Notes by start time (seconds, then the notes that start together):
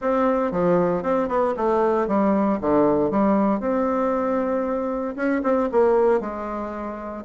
0.01 C4
0.51 F3
1.03 C4
1.28 B3
1.56 A3
2.07 G3
2.60 D3
3.10 G3
3.60 C4
5.15 C#4
5.43 C4
5.71 A#3
6.20 G#3